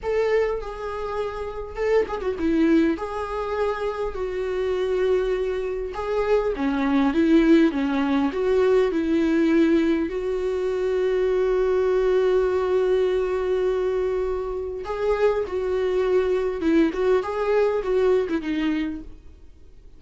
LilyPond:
\new Staff \with { instrumentName = "viola" } { \time 4/4 \tempo 4 = 101 a'4 gis'2 a'8 gis'16 fis'16 | e'4 gis'2 fis'4~ | fis'2 gis'4 cis'4 | e'4 cis'4 fis'4 e'4~ |
e'4 fis'2.~ | fis'1~ | fis'4 gis'4 fis'2 | e'8 fis'8 gis'4 fis'8. e'16 dis'4 | }